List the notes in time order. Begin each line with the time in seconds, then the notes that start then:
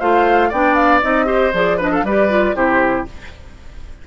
0.00 A3 F4 C5 F5
0.49 B3 D4 D5 G5
0.75 F5
1.02 C4 D#4 D#5
1.26 G4 C5
1.54 F3 G#4 D5
1.77 D4 B4 D#5
1.92 A4 F5
2.03 G3 G4 B4 D5
2.29 F4
2.55 C3 E4 G4 C5